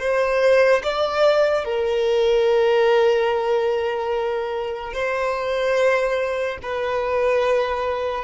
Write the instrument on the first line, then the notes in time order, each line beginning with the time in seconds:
violin
0.00 C5
0.84 D5
1.65 A#4
4.94 C5
6.62 B4